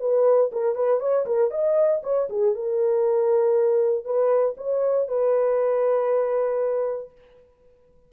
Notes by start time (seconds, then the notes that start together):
0.00 B4
0.52 A#4
0.76 B4
1.00 C#5
1.26 A#4
1.51 D#5
2.03 C#5
2.30 G#4
2.55 A#4
4.05 B4
4.57 C#5
5.08 B4